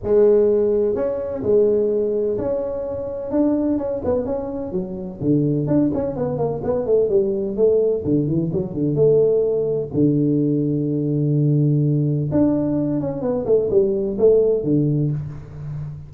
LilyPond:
\new Staff \with { instrumentName = "tuba" } { \time 4/4 \tempo 4 = 127 gis2 cis'4 gis4~ | gis4 cis'2 d'4 | cis'8 b8 cis'4 fis4 d4 | d'8 cis'8 b8 ais8 b8 a8 g4 |
a4 d8 e8 fis8 d8 a4~ | a4 d2.~ | d2 d'4. cis'8 | b8 a8 g4 a4 d4 | }